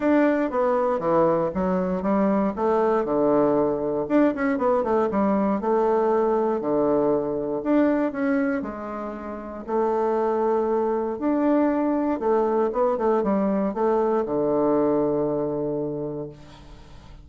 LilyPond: \new Staff \with { instrumentName = "bassoon" } { \time 4/4 \tempo 4 = 118 d'4 b4 e4 fis4 | g4 a4 d2 | d'8 cis'8 b8 a8 g4 a4~ | a4 d2 d'4 |
cis'4 gis2 a4~ | a2 d'2 | a4 b8 a8 g4 a4 | d1 | }